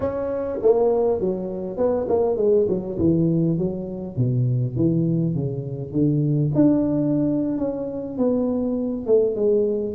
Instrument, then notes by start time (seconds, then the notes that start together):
tuba
0.00 C#4
0.62 A#3
1.20 F#3
1.77 B3
2.08 A#3
2.37 G#3
2.68 F#3
2.98 E3
3.58 F#3
4.16 B2
4.76 E3
5.35 C#3
5.92 D3
6.55 D4
7.58 C#4
8.17 B3
9.06 A3
9.35 G#3